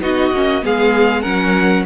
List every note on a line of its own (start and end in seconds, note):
0.00 0.31 B3
0.00 0.33 D#4
0.00 0.64 F#4
0.00 0.64 D#5
0.32 0.63 A#3
0.32 0.62 C#4
0.62 1.25 G#3
0.62 1.23 B3
0.62 1.22 G#4
0.62 1.22 F5
1.22 1.85 F#3
1.22 1.85 C#4
1.22 1.84 A#4
1.22 1.84 F#5